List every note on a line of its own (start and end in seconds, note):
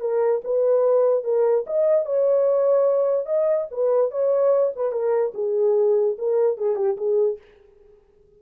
0.00 0.41 A#4
0.44 1.24 B4
1.24 1.65 A#4
1.66 2.05 D#5
2.05 3.26 C#5
3.26 3.67 D#5
3.71 4.11 B4
4.11 4.72 C#5
4.75 4.91 B4
4.91 5.33 A#4
5.34 6.16 G#4
6.18 6.57 A#4
6.57 6.76 G#4
6.76 6.96 G4
6.97 7.38 G#4